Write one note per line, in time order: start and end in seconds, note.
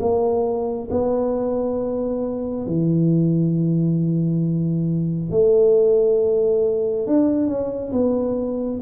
0.00 0.88 A#3
0.90 2.66 B3
2.66 5.30 E3
5.30 7.06 A3
7.06 7.47 D4
7.47 7.91 C#4
7.92 8.80 B3